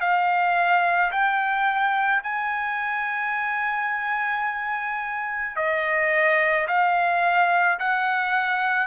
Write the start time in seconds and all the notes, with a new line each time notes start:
0.00 F5
1.12 G5
2.23 G#5
5.56 D#5
6.68 F5
7.79 F#5